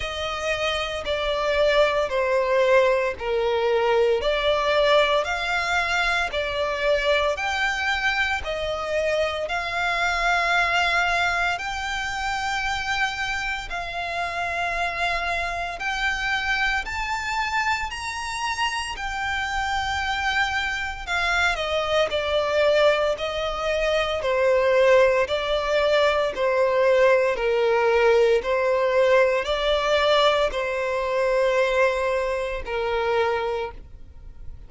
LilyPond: \new Staff \with { instrumentName = "violin" } { \time 4/4 \tempo 4 = 57 dis''4 d''4 c''4 ais'4 | d''4 f''4 d''4 g''4 | dis''4 f''2 g''4~ | g''4 f''2 g''4 |
a''4 ais''4 g''2 | f''8 dis''8 d''4 dis''4 c''4 | d''4 c''4 ais'4 c''4 | d''4 c''2 ais'4 | }